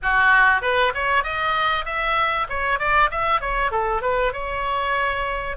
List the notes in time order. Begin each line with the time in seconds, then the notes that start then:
0.02 F#4
0.61 B4
0.94 C#5
1.23 D#5
1.85 E5
2.49 C#5
2.79 D5
3.10 E5
3.40 C#5
3.71 A4
4.01 B4
4.32 C#5